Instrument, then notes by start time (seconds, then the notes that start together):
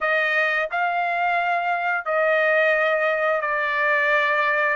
trumpet
0.01 D#5
0.71 F5
2.05 D#5
3.41 D5